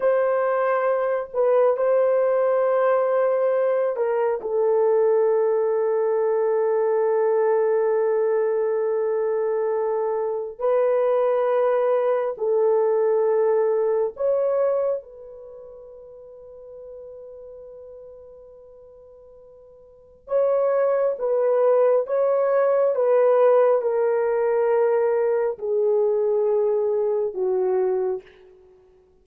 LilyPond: \new Staff \with { instrumentName = "horn" } { \time 4/4 \tempo 4 = 68 c''4. b'8 c''2~ | c''8 ais'8 a'2.~ | a'1 | b'2 a'2 |
cis''4 b'2.~ | b'2. cis''4 | b'4 cis''4 b'4 ais'4~ | ais'4 gis'2 fis'4 | }